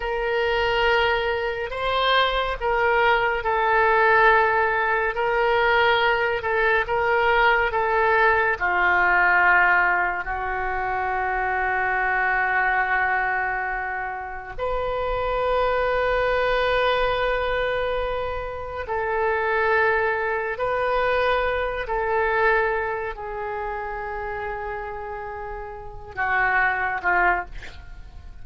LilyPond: \new Staff \with { instrumentName = "oboe" } { \time 4/4 \tempo 4 = 70 ais'2 c''4 ais'4 | a'2 ais'4. a'8 | ais'4 a'4 f'2 | fis'1~ |
fis'4 b'2.~ | b'2 a'2 | b'4. a'4. gis'4~ | gis'2~ gis'8 fis'4 f'8 | }